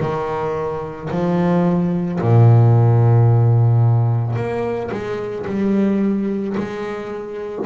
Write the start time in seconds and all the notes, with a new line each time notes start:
0.00 D#3
1.10 F3
2.21 A#2
4.35 A#3
4.91 G#3
5.46 G3
6.57 G#3